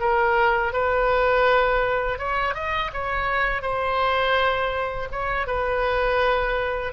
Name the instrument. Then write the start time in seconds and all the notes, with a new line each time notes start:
oboe
0.00 A#4
0.73 B4
2.18 C#5
2.54 D#5
2.93 C#5
3.62 C5
5.12 C#5
5.47 B4